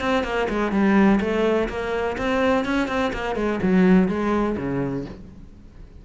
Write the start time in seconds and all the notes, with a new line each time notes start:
0.00 C4
0.23 A#3
0.49 G#3
0.71 G3
1.20 A3
1.68 A#3
2.17 C4
2.65 C#4
2.88 C4
3.13 A#3
3.35 G#3
3.62 F#3
4.08 G#3
4.57 C#3